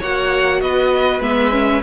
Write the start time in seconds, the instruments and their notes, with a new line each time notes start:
0.00 cello A#3, viola F#4, violin C#5 F#5
0.61 cello B3, violin B4 D#5
1.20 cello G#3, viola B3, violin E5
1.51 viola C#4